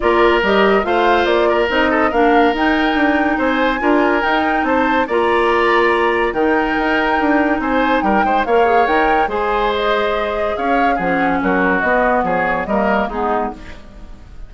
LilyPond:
<<
  \new Staff \with { instrumentName = "flute" } { \time 4/4 \tempo 4 = 142 d''4 dis''4 f''4 d''4 | dis''4 f''4 g''2 | gis''2 g''4 a''4 | ais''2. g''4~ |
g''2 gis''4 g''4 | f''4 g''4 gis''4 dis''4~ | dis''4 f''4 fis''4 ais'4 | dis''4 cis''4 dis''4 gis'4 | }
  \new Staff \with { instrumentName = "oboe" } { \time 4/4 ais'2 c''4. ais'8~ | ais'8 a'8 ais'2. | c''4 ais'2 c''4 | d''2. ais'4~ |
ais'2 c''4 ais'8 c''8 | cis''2 c''2~ | c''4 cis''4 gis'4 fis'4~ | fis'4 gis'4 ais'4 dis'4 | }
  \new Staff \with { instrumentName = "clarinet" } { \time 4/4 f'4 g'4 f'2 | dis'4 d'4 dis'2~ | dis'4 f'4 dis'2 | f'2. dis'4~ |
dis'1 | ais'8 gis'8 ais'4 gis'2~ | gis'2 cis'2 | b2 ais4 b4 | }
  \new Staff \with { instrumentName = "bassoon" } { \time 4/4 ais4 g4 a4 ais4 | c'4 ais4 dis'4 d'4 | c'4 d'4 dis'4 c'4 | ais2. dis4 |
dis'4 d'4 c'4 g8 gis8 | ais4 dis'4 gis2~ | gis4 cis'4 f4 fis4 | b4 f4 g4 gis4 | }
>>